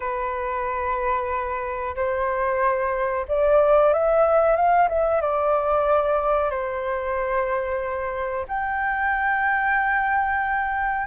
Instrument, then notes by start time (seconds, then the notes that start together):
flute
0.00 B4
1.95 C5
3.28 D5
3.93 E5
4.56 F5
4.89 E5
5.21 D5
6.50 C5
8.48 G5